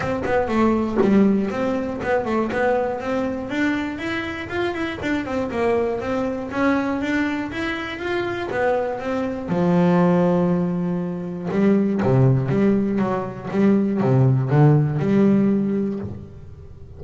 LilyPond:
\new Staff \with { instrumentName = "double bass" } { \time 4/4 \tempo 4 = 120 c'8 b8 a4 g4 c'4 | b8 a8 b4 c'4 d'4 | e'4 f'8 e'8 d'8 c'8 ais4 | c'4 cis'4 d'4 e'4 |
f'4 b4 c'4 f4~ | f2. g4 | c4 g4 fis4 g4 | c4 d4 g2 | }